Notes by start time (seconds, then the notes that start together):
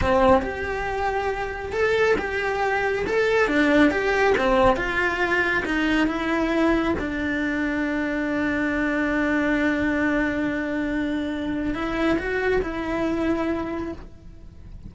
0.01 C4
0.42 G4
1.72 A4
2.18 G4
3.06 A4
3.47 D4
3.90 G4
4.37 C4
4.76 F4
5.65 D#4
6.07 E4
6.98 D4
11.74 E4
12.18 F#4
12.62 E4